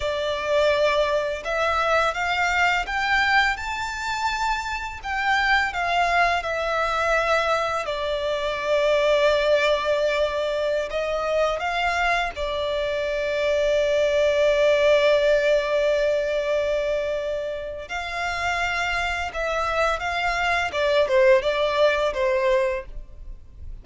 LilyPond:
\new Staff \with { instrumentName = "violin" } { \time 4/4 \tempo 4 = 84 d''2 e''4 f''4 | g''4 a''2 g''4 | f''4 e''2 d''4~ | d''2.~ d''16 dis''8.~ |
dis''16 f''4 d''2~ d''8.~ | d''1~ | d''4 f''2 e''4 | f''4 d''8 c''8 d''4 c''4 | }